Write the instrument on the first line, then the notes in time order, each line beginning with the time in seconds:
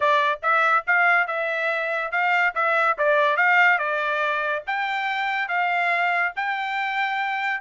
trumpet
0.00 D5
0.42 E5
0.86 F5
1.27 E5
2.11 F5
2.55 E5
2.98 D5
3.36 F5
3.78 D5
4.67 G5
5.48 F5
6.36 G5